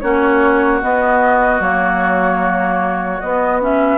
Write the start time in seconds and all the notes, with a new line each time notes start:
0.00 A#3 C#4 F#4 C#5
0.82 B3 D#5
1.60 F#3 A#3 C#5
3.21 B3 D#5
3.61 C#4 E5